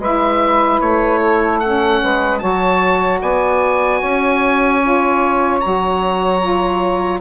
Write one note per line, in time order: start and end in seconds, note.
0.00 0.80 G#3
0.00 1.62 E4
0.00 1.20 B4
0.00 0.81 E5
0.81 2.02 A3
0.81 1.60 C#5
1.21 2.01 A4
1.60 2.40 C#4
1.60 2.39 F#5
2.02 2.43 G#3
2.02 2.41 B4
2.39 3.22 F#3
2.39 4.80 F#4
2.39 3.21 C#5
2.39 3.19 A5
3.22 4.02 B3
3.22 4.00 D5
3.22 5.61 G#5
4.00 5.62 C#4
4.00 7.20 C#5
4.82 5.62 F4
5.61 7.21 F#3
5.61 6.41 F#4
5.61 7.21 A#5
6.41 7.21 F4